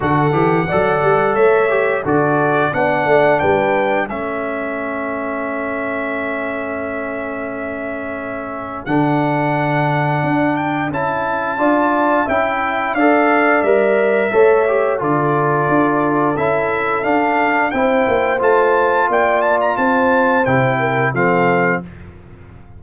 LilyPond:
<<
  \new Staff \with { instrumentName = "trumpet" } { \time 4/4 \tempo 4 = 88 fis''2 e''4 d''4 | fis''4 g''4 e''2~ | e''1~ | e''4 fis''2~ fis''8 g''8 |
a''2 g''4 f''4 | e''2 d''2 | e''4 f''4 g''4 a''4 | g''8 a''16 ais''16 a''4 g''4 f''4 | }
  \new Staff \with { instrumentName = "horn" } { \time 4/4 a'4 d''4 cis''4 a'4 | d''4 b'4 a'2~ | a'1~ | a'1~ |
a'4 d''4 e''4 d''4~ | d''4 cis''4 a'2~ | a'2 c''2 | d''4 c''4. ais'8 a'4 | }
  \new Staff \with { instrumentName = "trombone" } { \time 4/4 fis'8 g'8 a'4. g'8 fis'4 | d'2 cis'2~ | cis'1~ | cis'4 d'2. |
e'4 f'4 e'4 a'4 | ais'4 a'8 g'8 f'2 | e'4 d'4 e'4 f'4~ | f'2 e'4 c'4 | }
  \new Staff \with { instrumentName = "tuba" } { \time 4/4 d8 e8 fis8 g8 a4 d4 | b8 a8 g4 a2~ | a1~ | a4 d2 d'4 |
cis'4 d'4 cis'4 d'4 | g4 a4 d4 d'4 | cis'4 d'4 c'8 ais8 a4 | ais4 c'4 c4 f4 | }
>>